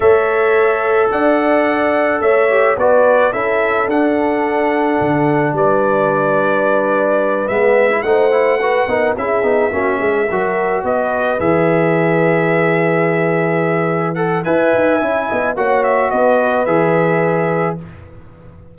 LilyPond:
<<
  \new Staff \with { instrumentName = "trumpet" } { \time 4/4 \tempo 4 = 108 e''2 fis''2 | e''4 d''4 e''4 fis''4~ | fis''2 d''2~ | d''4. e''4 fis''4.~ |
fis''8 e''2. dis''8~ | dis''8 e''2.~ e''8~ | e''4. fis''8 gis''2 | fis''8 e''8 dis''4 e''2 | }
  \new Staff \with { instrumentName = "horn" } { \time 4/4 cis''2 d''2 | cis''4 b'4 a'2~ | a'2 b'2~ | b'2~ b'8 c''4 b'8 |
ais'8 gis'4 fis'8 gis'8 ais'4 b'8~ | b'1~ | b'2 e''4. dis''8 | cis''4 b'2. | }
  \new Staff \with { instrumentName = "trombone" } { \time 4/4 a'1~ | a'8 g'8 fis'4 e'4 d'4~ | d'1~ | d'4. b8. e'16 dis'8 e'8 fis'8 |
dis'8 e'8 dis'8 cis'4 fis'4.~ | fis'8 gis'2.~ gis'8~ | gis'4. a'8 b'4 e'4 | fis'2 gis'2 | }
  \new Staff \with { instrumentName = "tuba" } { \time 4/4 a2 d'2 | a4 b4 cis'4 d'4~ | d'4 d4 g2~ | g4. gis4 a4. |
b8 cis'8 b8 ais8 gis8 fis4 b8~ | b8 e2.~ e8~ | e2 e'8 dis'8 cis'8 b8 | ais4 b4 e2 | }
>>